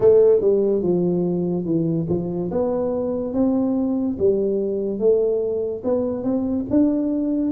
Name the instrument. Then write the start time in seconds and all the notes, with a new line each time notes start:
tuba
0.00 A3
0.41 G3
0.82 F3
1.65 E3
2.09 F3
2.51 B3
3.33 C4
4.18 G3
4.98 A3
5.84 B3
6.23 C4
6.70 D4